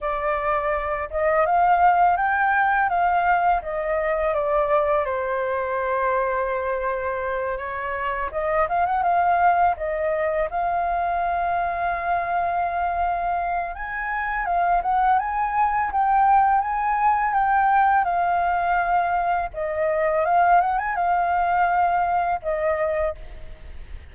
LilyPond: \new Staff \with { instrumentName = "flute" } { \time 4/4 \tempo 4 = 83 d''4. dis''8 f''4 g''4 | f''4 dis''4 d''4 c''4~ | c''2~ c''8 cis''4 dis''8 | f''16 fis''16 f''4 dis''4 f''4.~ |
f''2. gis''4 | f''8 fis''8 gis''4 g''4 gis''4 | g''4 f''2 dis''4 | f''8 fis''16 gis''16 f''2 dis''4 | }